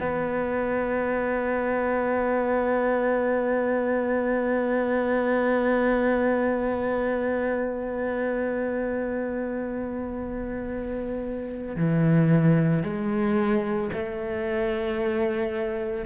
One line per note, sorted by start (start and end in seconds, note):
0.00 11.76 B3
11.76 12.83 E3
12.83 13.90 G#3
13.93 16.05 A3